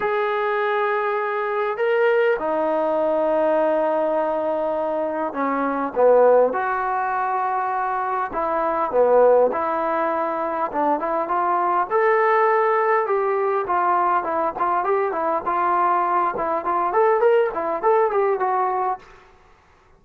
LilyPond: \new Staff \with { instrumentName = "trombone" } { \time 4/4 \tempo 4 = 101 gis'2. ais'4 | dis'1~ | dis'4 cis'4 b4 fis'4~ | fis'2 e'4 b4 |
e'2 d'8 e'8 f'4 | a'2 g'4 f'4 | e'8 f'8 g'8 e'8 f'4. e'8 | f'8 a'8 ais'8 e'8 a'8 g'8 fis'4 | }